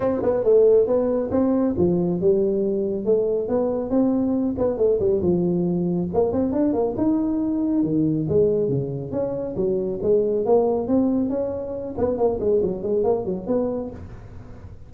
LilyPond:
\new Staff \with { instrumentName = "tuba" } { \time 4/4 \tempo 4 = 138 c'8 b8 a4 b4 c'4 | f4 g2 a4 | b4 c'4. b8 a8 g8 | f2 ais8 c'8 d'8 ais8 |
dis'2 dis4 gis4 | cis4 cis'4 fis4 gis4 | ais4 c'4 cis'4. b8 | ais8 gis8 fis8 gis8 ais8 fis8 b4 | }